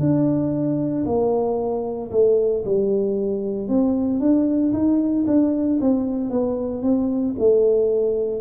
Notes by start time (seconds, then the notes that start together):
0.00 D4
1.06 A#3
2.11 A3
2.66 G3
3.68 C4
4.20 D4
4.73 D#4
5.27 D4
5.81 C4
6.30 B3
6.83 C4
7.39 A3